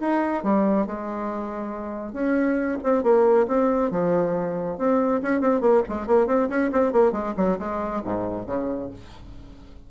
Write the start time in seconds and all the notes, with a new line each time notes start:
0.00 D#4
0.43 G3
0.87 G#3
2.13 C#4
2.83 C4
3.03 A#3
3.48 C4
3.91 F3
4.78 C4
5.23 C#4
5.41 C4
5.61 A#3
5.89 G#3
6.07 A#3
6.27 C4
6.49 C#4
6.72 C4
6.92 A#3
7.12 G#3
7.37 F#3
7.59 G#3
8.05 G#2
8.47 C#3